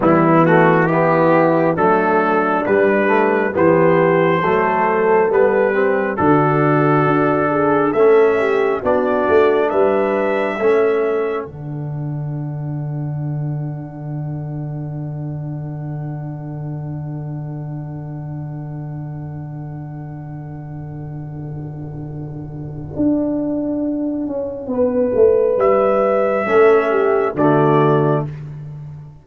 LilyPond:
<<
  \new Staff \with { instrumentName = "trumpet" } { \time 4/4 \tempo 4 = 68 e'8 fis'8 g'4 a'4 b'4 | c''2 b'4 a'4~ | a'4 e''4 d''4 e''4~ | e''4 fis''2.~ |
fis''1~ | fis''1~ | fis''1~ | fis''4 e''2 d''4 | }
  \new Staff \with { instrumentName = "horn" } { \time 4/4 b4 e'4 d'2 | g'4 a'4. g'8 fis'4~ | fis'8 gis'8 a'8 g'8 fis'4 b'4 | a'1~ |
a'1~ | a'1~ | a'1 | b'2 a'8 g'8 fis'4 | }
  \new Staff \with { instrumentName = "trombone" } { \time 4/4 g8 a8 b4 a4 g8 a8 | b4 a4 b8 c'8 d'4~ | d'4 cis'4 d'2 | cis'4 d'2.~ |
d'1~ | d'1~ | d'1~ | d'2 cis'4 a4 | }
  \new Staff \with { instrumentName = "tuba" } { \time 4/4 e2 fis4 g4 | e4 fis4 g4 d4 | d'4 a4 b8 a8 g4 | a4 d2.~ |
d1~ | d1~ | d2 d'4. cis'8 | b8 a8 g4 a4 d4 | }
>>